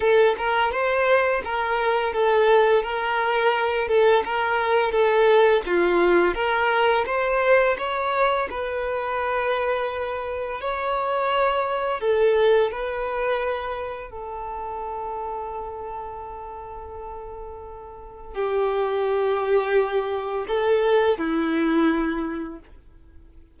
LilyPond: \new Staff \with { instrumentName = "violin" } { \time 4/4 \tempo 4 = 85 a'8 ais'8 c''4 ais'4 a'4 | ais'4. a'8 ais'4 a'4 | f'4 ais'4 c''4 cis''4 | b'2. cis''4~ |
cis''4 a'4 b'2 | a'1~ | a'2 g'2~ | g'4 a'4 e'2 | }